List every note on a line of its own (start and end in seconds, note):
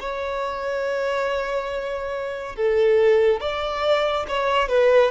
0.00 2.56 C#5
2.56 3.41 A4
3.41 4.26 D5
4.28 4.68 C#5
4.68 5.11 B4